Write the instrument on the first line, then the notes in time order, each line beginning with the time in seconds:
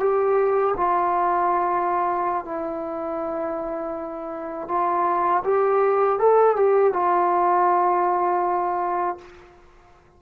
trombone
0.00 G4
0.77 F4
2.45 E4
4.68 F4
5.45 G4
6.19 A4
6.57 G4
6.93 F4